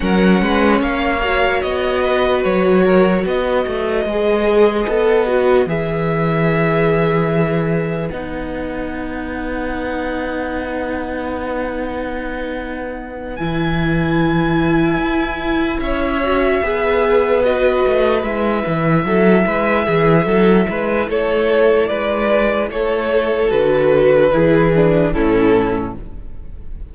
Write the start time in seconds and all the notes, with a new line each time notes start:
0.00 F#3 C#4 A#4 F#5
0.41 G#3 B4
0.81 A#3 C#5 F5
1.23 F#4
1.62 B3 D#5
2.02 B4
2.43 F#3 C#5
2.84 A#4
3.22 B3 B4 D#5
3.66 A3
4.05 G#3 G#4
4.88 B3 A4
5.26 F#4
5.66 E3 G#4 E5
8.09 B3 D#4 F#5
13.36 E3 E4 G#5
14.97 E4
15.80 C#4 C#5 E5
16.22 F#4
16.62 B3 G#4 B4
17.44 F#4 D#5
17.86 A3
18.23 G#3 E4 E5
18.67 E3
19.04 F#3 A4
19.46 G#3 B4
19.85 E3 G#4
20.26 F#3 A4
20.69 G#3 B4
21.08 A3 A4 C#5
21.86 G#3 B4 D5
22.70 A3 A4 C#5
23.49 D3 F#4 B4
24.32 E3 E4 G#4
24.75 D4
25.12 A2 C#4 E4 A4